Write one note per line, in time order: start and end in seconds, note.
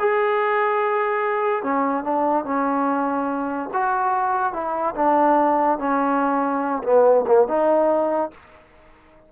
0.00 1.64 G#4
1.64 2.04 C#4
2.04 2.45 D4
2.45 3.70 C#4
3.74 4.54 F#4
4.54 4.95 E4
4.96 5.79 D4
5.79 6.83 C#4
6.84 7.25 B3
7.27 7.48 A#3
7.48 8.32 D#4